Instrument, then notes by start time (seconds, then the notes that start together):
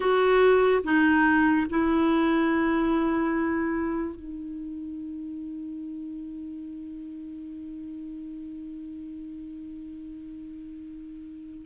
clarinet
0.00 F#4
0.83 D#4
1.69 E4
4.15 D#4